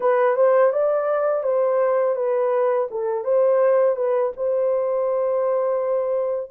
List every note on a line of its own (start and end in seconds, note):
0.00 0.36 B4
0.36 0.72 C5
0.72 1.43 D5
1.43 2.15 C5
2.15 2.88 B4
2.90 3.24 A4
3.24 3.96 C5
3.96 4.32 B4
4.36 6.50 C5